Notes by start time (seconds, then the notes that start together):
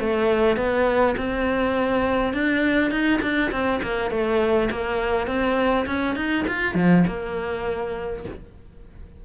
0.00 A3
0.57 B3
1.17 C4
2.34 D4
2.91 D#4
3.22 D4
3.51 C4
3.83 A#3
4.11 A3
4.71 A#3
5.27 C4
5.87 C#4
6.16 D#4
6.48 F4
6.75 F3
7.07 A#3